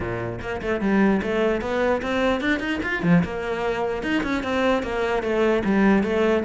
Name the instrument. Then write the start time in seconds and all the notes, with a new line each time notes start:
cello
0.00 A#2
0.41 A#3
0.61 A3
0.80 G3
1.22 A3
1.61 B3
2.01 C4
2.41 D4
2.59 D#4
2.82 F4
3.03 F3
3.24 A#3
4.02 D#4
4.23 C#4
4.43 C4
4.82 A#3
5.22 A3
5.64 G3
6.03 A3